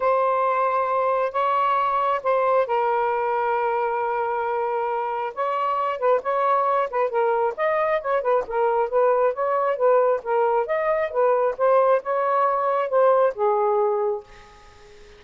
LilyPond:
\new Staff \with { instrumentName = "saxophone" } { \time 4/4 \tempo 4 = 135 c''2. cis''4~ | cis''4 c''4 ais'2~ | ais'1 | cis''4. b'8 cis''4. b'8 |
ais'4 dis''4 cis''8 b'8 ais'4 | b'4 cis''4 b'4 ais'4 | dis''4 b'4 c''4 cis''4~ | cis''4 c''4 gis'2 | }